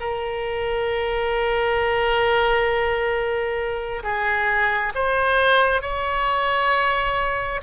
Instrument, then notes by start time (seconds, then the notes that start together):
oboe
0.00 A#4
4.03 G#4
4.95 C5
5.82 C#5